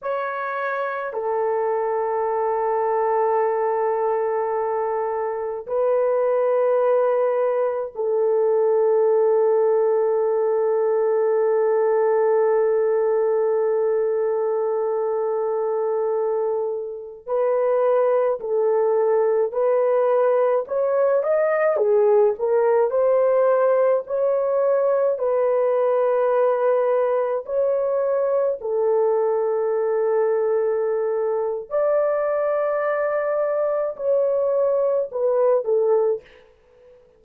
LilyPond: \new Staff \with { instrumentName = "horn" } { \time 4/4 \tempo 4 = 53 cis''4 a'2.~ | a'4 b'2 a'4~ | a'1~ | a'2.~ a'16 b'8.~ |
b'16 a'4 b'4 cis''8 dis''8 gis'8 ais'16~ | ais'16 c''4 cis''4 b'4.~ b'16~ | b'16 cis''4 a'2~ a'8. | d''2 cis''4 b'8 a'8 | }